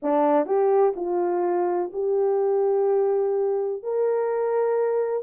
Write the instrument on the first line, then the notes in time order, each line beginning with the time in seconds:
horn
0.02 D4
0.45 G4
0.96 F4
1.92 G4
3.82 A#4